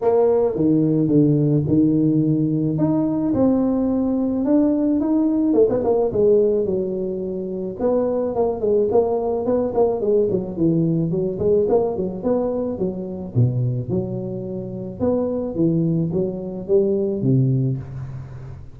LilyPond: \new Staff \with { instrumentName = "tuba" } { \time 4/4 \tempo 4 = 108 ais4 dis4 d4 dis4~ | dis4 dis'4 c'2 | d'4 dis'4 a16 b16 ais8 gis4 | fis2 b4 ais8 gis8 |
ais4 b8 ais8 gis8 fis8 e4 | fis8 gis8 ais8 fis8 b4 fis4 | b,4 fis2 b4 | e4 fis4 g4 c4 | }